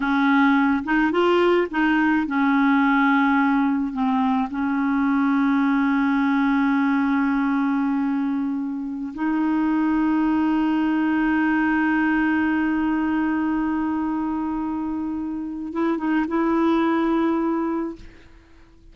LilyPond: \new Staff \with { instrumentName = "clarinet" } { \time 4/4 \tempo 4 = 107 cis'4. dis'8 f'4 dis'4 | cis'2. c'4 | cis'1~ | cis'1~ |
cis'16 dis'2.~ dis'8.~ | dis'1~ | dis'1 | e'8 dis'8 e'2. | }